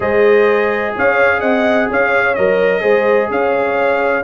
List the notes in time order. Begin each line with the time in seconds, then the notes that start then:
0.00 G#3 G#4 C5 D#5
0.96 C#4 C#5 F5
1.39 C4 D#5 F#5
1.90 C#4 C#5 F5
2.34 F#3 A#4 D#5
2.80 G#3 G#4 C5
3.30 C#4 C#5 F5